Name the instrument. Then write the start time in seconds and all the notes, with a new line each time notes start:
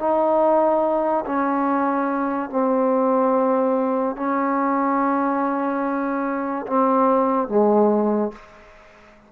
trombone
0.00 D#4
1.26 C#4
2.50 C4
4.17 C#4
6.67 C4
7.49 G#3